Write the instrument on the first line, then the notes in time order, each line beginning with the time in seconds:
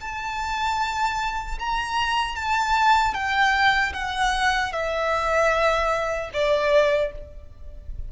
violin
0.00 A5
1.59 A#5
2.35 A5
3.14 G5
3.93 F#5
4.72 E5
6.33 D5